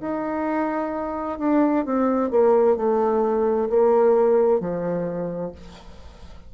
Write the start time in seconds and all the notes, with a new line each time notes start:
0.00 D#4
1.38 D4
1.85 C4
2.30 A#3
2.76 A3
3.69 A#3
4.59 F3